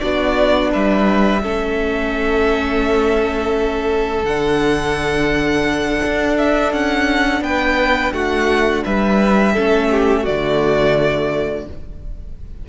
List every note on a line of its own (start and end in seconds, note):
0.00 0.74 B3
0.00 1.41 D4
0.00 0.71 F#4
0.00 0.71 D5
0.71 1.43 G3
0.71 1.42 B4
0.71 4.25 E5
1.41 4.23 A3
1.41 4.24 C#4
1.41 7.43 A4
4.23 6.00 D3
4.23 9.56 D4
4.23 6.37 F#5
6.05 6.72 D4
6.37 6.72 E5
6.72 7.41 C#4
6.72 7.43 F#5
7.41 8.11 B3
7.41 8.13 B4
7.41 8.13 G5
8.12 8.82 A3
8.12 8.84 F#4
8.12 8.83 F#5
8.84 9.56 G3
8.84 9.53 B4
8.84 10.25 E5
9.53 10.27 A3
9.53 10.25 C#4
9.53 9.88 A4
9.91 10.22 G4
10.22 11.68 D3
10.22 11.66 A3
10.22 11.64 F#4
10.22 11.66 D5